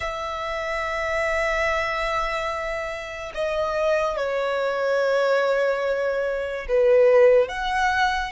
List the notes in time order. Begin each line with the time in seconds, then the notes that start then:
0.00 E5
3.34 D#5
4.17 C#5
6.68 B4
7.48 F#5